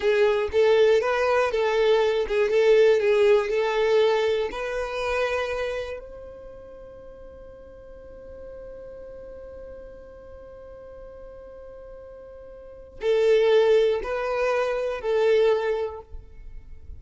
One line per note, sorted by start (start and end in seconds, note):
0.00 0.48 G#4
0.52 1.01 A4
1.01 1.51 B4
1.51 2.26 A4
2.27 2.50 G#4
2.50 3.00 A4
3.00 3.49 G#4
3.49 4.49 A4
4.51 5.99 B4
5.99 12.99 C5
13.01 14.01 A4
14.03 15.00 B4
15.00 16.00 A4